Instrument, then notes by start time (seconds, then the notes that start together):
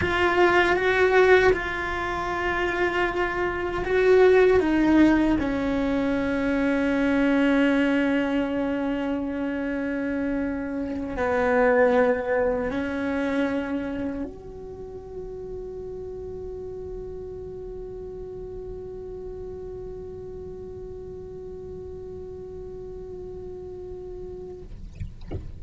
cello
0.01 F4
0.75 F#4
1.52 F4
3.85 F#4
4.60 D#4
5.40 C#4
11.16 B3
12.71 C#4
14.23 F#4